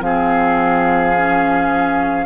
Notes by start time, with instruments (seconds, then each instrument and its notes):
0.00 bassoon F3, clarinet C4, oboe G#4, flute F5
1.16 clarinet C#4